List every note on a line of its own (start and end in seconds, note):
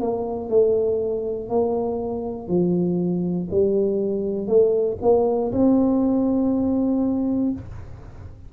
0.00 0.49 A#3
0.49 1.49 A3
1.49 2.48 A#3
2.48 3.48 F3
3.50 4.47 G3
4.47 4.97 A3
5.01 5.51 A#3
5.52 7.52 C4